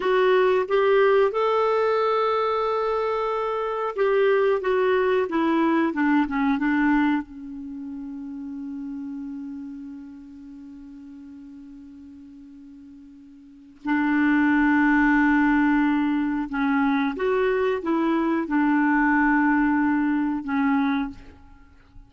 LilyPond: \new Staff \with { instrumentName = "clarinet" } { \time 4/4 \tempo 4 = 91 fis'4 g'4 a'2~ | a'2 g'4 fis'4 | e'4 d'8 cis'8 d'4 cis'4~ | cis'1~ |
cis'1~ | cis'4 d'2.~ | d'4 cis'4 fis'4 e'4 | d'2. cis'4 | }